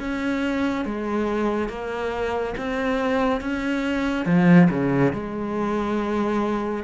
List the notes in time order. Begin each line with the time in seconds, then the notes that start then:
0.00 C#4
0.85 G#3
1.69 A#3
2.58 C4
3.41 C#4
4.26 F3
4.70 C#3
5.13 G#3